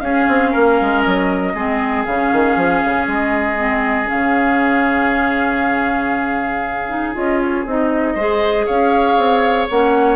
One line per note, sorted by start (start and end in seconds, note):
0.00 0.26 C#4
0.00 1.56 C#4
0.00 0.51 G#4
0.00 1.01 F5
0.28 0.53 C4
0.51 0.80 A#3
0.51 1.53 A#4
0.80 1.05 G#3
1.01 1.54 F#3
1.01 2.03 D#5
1.54 2.05 G#3
1.54 2.07 C4
1.54 8.14 G#4
2.05 2.32 C#3
2.05 3.56 C#4
2.05 3.06 F5
2.32 2.56 D#3
2.56 2.81 F3
2.84 3.07 C#3
3.07 4.08 G#3
3.07 4.09 D#5
3.56 4.05 C4
4.05 6.84 C#4
4.05 7.14 F5
4.13 7.15 C#3
6.88 7.13 D#4
7.13 7.65 C#4
7.13 7.64 F4
7.13 7.40 D#5
7.40 7.66 C#5
7.65 8.15 C4
7.65 8.18 D#4
7.65 8.65 D#5
8.14 8.65 G#3
8.14 9.69 G#4
8.14 8.65 C5
8.65 9.17 C#4
8.65 10.15 C#5
8.65 9.67 F5
9.17 9.68 C4
9.69 10.15 A#3
9.69 10.15 C#4
9.69 10.15 F#5